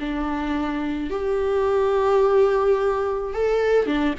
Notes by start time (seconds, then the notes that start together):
0.00 D4
1.10 G4
3.34 A4
3.86 D4